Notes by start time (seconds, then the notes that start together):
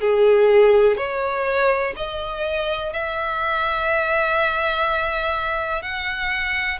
0.00 G#4
0.97 C#5
1.96 D#5
2.93 E5
5.82 F#5